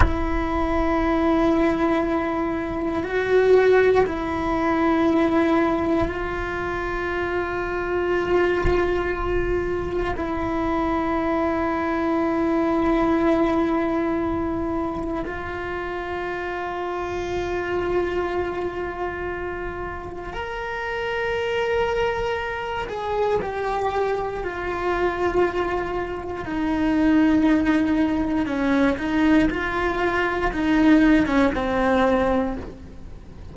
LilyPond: \new Staff \with { instrumentName = "cello" } { \time 4/4 \tempo 4 = 59 e'2. fis'4 | e'2 f'2~ | f'2 e'2~ | e'2. f'4~ |
f'1 | ais'2~ ais'8 gis'8 g'4 | f'2 dis'2 | cis'8 dis'8 f'4 dis'8. cis'16 c'4 | }